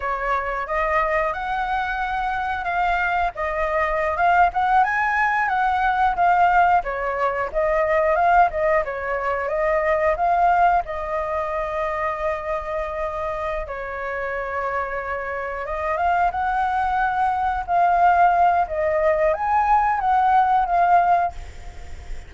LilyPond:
\new Staff \with { instrumentName = "flute" } { \time 4/4 \tempo 4 = 90 cis''4 dis''4 fis''2 | f''4 dis''4~ dis''16 f''8 fis''8 gis''8.~ | gis''16 fis''4 f''4 cis''4 dis''8.~ | dis''16 f''8 dis''8 cis''4 dis''4 f''8.~ |
f''16 dis''2.~ dis''8.~ | dis''8 cis''2. dis''8 | f''8 fis''2 f''4. | dis''4 gis''4 fis''4 f''4 | }